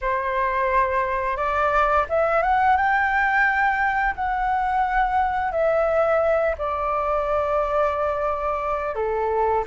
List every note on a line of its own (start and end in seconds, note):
0.01 1.36 C5
1.36 2.05 D5
2.09 2.42 E5
2.42 2.76 F#5
2.76 4.14 G5
4.15 5.51 F#5
5.51 6.55 E5
6.57 8.95 D5
8.95 9.64 A4